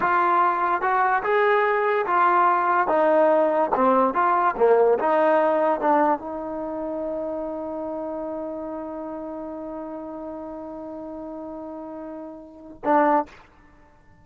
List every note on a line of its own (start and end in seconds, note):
0.00 0.81 F4
0.81 1.23 F#4
1.23 2.06 G#4
2.06 2.87 F4
2.87 3.70 D#4
3.74 4.14 C4
4.14 4.55 F4
4.57 4.98 A#3
4.98 5.80 D#4
5.80 6.18 D4
6.18 12.81 D#4
12.84 13.25 D4